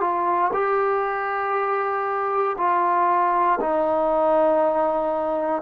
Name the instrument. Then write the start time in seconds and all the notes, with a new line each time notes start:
trombone
0.00 F4
0.53 G4
2.57 F4
3.60 D#4